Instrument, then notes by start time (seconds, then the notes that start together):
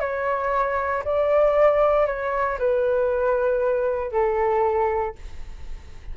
flute
0.00 C#5
1.04 D5
2.06 C#5
2.59 B4
4.12 A4